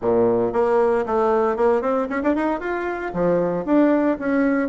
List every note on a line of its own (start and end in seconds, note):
0.01 0.52 A#2
0.52 1.05 A#3
1.06 1.56 A3
1.56 1.81 A#3
1.81 2.07 C4
2.09 2.22 C#4
2.23 2.35 D4
2.35 2.60 D#4
2.60 3.12 F4
3.13 3.65 F3
3.65 4.17 D4
4.19 4.69 C#4